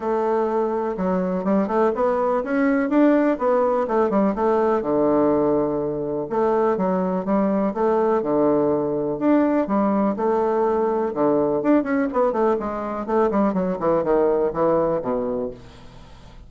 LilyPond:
\new Staff \with { instrumentName = "bassoon" } { \time 4/4 \tempo 4 = 124 a2 fis4 g8 a8 | b4 cis'4 d'4 b4 | a8 g8 a4 d2~ | d4 a4 fis4 g4 |
a4 d2 d'4 | g4 a2 d4 | d'8 cis'8 b8 a8 gis4 a8 g8 | fis8 e8 dis4 e4 b,4 | }